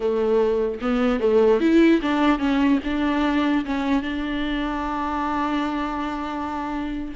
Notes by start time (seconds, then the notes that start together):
0.00 A3
0.81 B3
1.20 A3
1.60 E4
2.01 D4
2.38 C#4
2.84 D4
3.65 C#4
4.02 D4